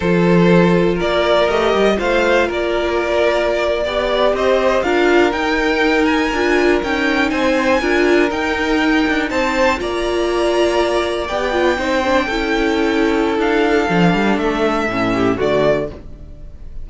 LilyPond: <<
  \new Staff \with { instrumentName = "violin" } { \time 4/4 \tempo 4 = 121 c''2 d''4 dis''4 | f''4 d''2.~ | d''8. dis''4 f''4 g''4~ g''16~ | g''16 gis''4. g''4 gis''4~ gis''16~ |
gis''8. g''2 a''4 ais''16~ | ais''2~ ais''8. g''4~ g''16~ | g''2. f''4~ | f''4 e''2 d''4 | }
  \new Staff \with { instrumentName = "violin" } { \time 4/4 a'2 ais'2 | c''4 ais'2~ ais'8. d''16~ | d''8. c''4 ais'2~ ais'16~ | ais'2~ ais'8. c''4 ais'16~ |
ais'2~ ais'8. c''4 d''16~ | d''2.~ d''8. c''16~ | c''8. a'2.~ a'16~ | a'2~ a'8 g'8 fis'4 | }
  \new Staff \with { instrumentName = "viola" } { \time 4/4 f'2. g'4 | f'2.~ f'8. g'16~ | g'4.~ g'16 f'4 dis'4~ dis'16~ | dis'8. f'4 dis'2 f'16~ |
f'8. dis'2. f'16~ | f'2~ f'8. g'8 f'8 dis'16~ | dis'16 d'8 e'2.~ e'16 | d'2 cis'4 a4 | }
  \new Staff \with { instrumentName = "cello" } { \time 4/4 f2 ais4 a8 g8 | a4 ais2~ ais8. b16~ | b8. c'4 d'4 dis'4~ dis'16~ | dis'8. d'4 cis'4 c'4 d'16~ |
d'8. dis'4. d'8 c'4 ais16~ | ais2~ ais8. b4 c'16~ | c'8. cis'2~ cis'16 d'4 | f8 g8 a4 a,4 d4 | }
>>